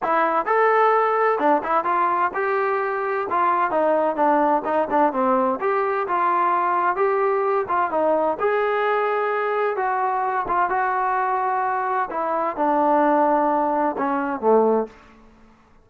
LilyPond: \new Staff \with { instrumentName = "trombone" } { \time 4/4 \tempo 4 = 129 e'4 a'2 d'8 e'8 | f'4 g'2 f'4 | dis'4 d'4 dis'8 d'8 c'4 | g'4 f'2 g'4~ |
g'8 f'8 dis'4 gis'2~ | gis'4 fis'4. f'8 fis'4~ | fis'2 e'4 d'4~ | d'2 cis'4 a4 | }